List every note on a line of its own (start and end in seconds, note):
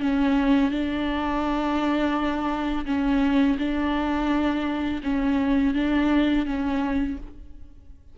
0.00 0.71 C#4
0.71 2.85 D4
2.86 3.57 C#4
3.58 5.01 D4
5.04 5.74 C#4
5.74 6.45 D4
6.45 7.17 C#4